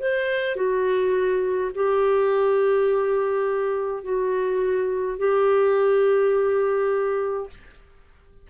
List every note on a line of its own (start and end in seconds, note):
0.00 0.56 C5
0.56 1.72 F#4
1.75 4.04 G4
4.04 5.19 F#4
5.19 7.49 G4